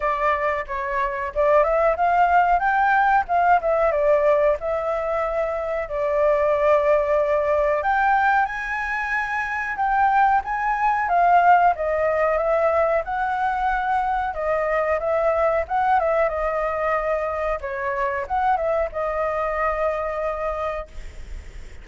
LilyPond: \new Staff \with { instrumentName = "flute" } { \time 4/4 \tempo 4 = 92 d''4 cis''4 d''8 e''8 f''4 | g''4 f''8 e''8 d''4 e''4~ | e''4 d''2. | g''4 gis''2 g''4 |
gis''4 f''4 dis''4 e''4 | fis''2 dis''4 e''4 | fis''8 e''8 dis''2 cis''4 | fis''8 e''8 dis''2. | }